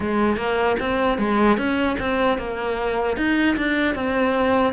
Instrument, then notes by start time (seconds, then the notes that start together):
cello
0.00 G#3
0.37 A#3
0.79 C4
1.18 G#3
1.57 C#4
1.99 C4
2.38 A#3
3.17 D#4
3.57 D4
3.94 C4